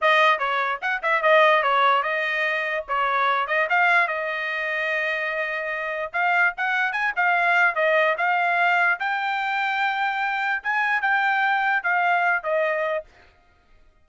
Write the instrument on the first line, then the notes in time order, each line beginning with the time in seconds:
trumpet
0.01 D#5
0.39 C#5
0.81 F#5
1.02 E5
1.22 D#5
1.62 C#5
2.02 D#5
2.88 C#5
3.47 D#5
3.69 F5
4.07 D#5
6.13 F5
6.57 F#5
6.92 G#5
7.15 F5
7.75 D#5
8.17 F5
8.99 G5
10.63 G#5
11.01 G5
11.83 F5
12.43 D#5